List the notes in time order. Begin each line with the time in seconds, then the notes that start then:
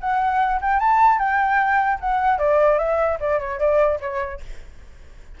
0.00 F#5
0.61 G5
0.79 A5
1.19 G5
2.00 F#5
2.38 D5
2.78 E5
3.19 D5
3.39 C#5
3.59 D5
4.00 C#5